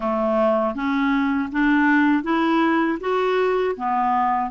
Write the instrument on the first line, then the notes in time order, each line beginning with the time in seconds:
clarinet
0.00 A3
0.74 C#4
1.52 D4
2.23 E4
3.00 F#4
3.76 B3